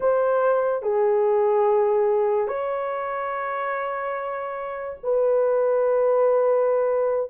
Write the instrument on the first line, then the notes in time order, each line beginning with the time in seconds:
horn
0.00 C5
0.82 G#4
2.47 C#5
5.03 B4